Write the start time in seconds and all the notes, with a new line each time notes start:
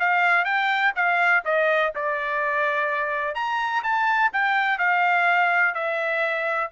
0.00 F5
0.45 G5
0.96 F5
1.45 D#5
1.96 D5
3.35 A#5
3.84 A5
4.34 G5
4.79 F5
5.75 E5